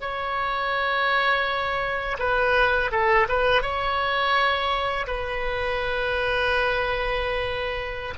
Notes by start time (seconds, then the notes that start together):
0.00 C#5
2.19 B4
2.91 A4
3.28 B4
3.62 C#5
5.07 B4